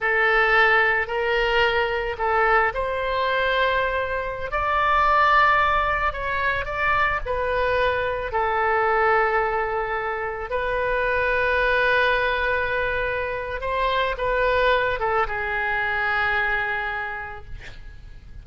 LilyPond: \new Staff \with { instrumentName = "oboe" } { \time 4/4 \tempo 4 = 110 a'2 ais'2 | a'4 c''2.~ | c''16 d''2. cis''8.~ | cis''16 d''4 b'2 a'8.~ |
a'2.~ a'16 b'8.~ | b'1~ | b'4 c''4 b'4. a'8 | gis'1 | }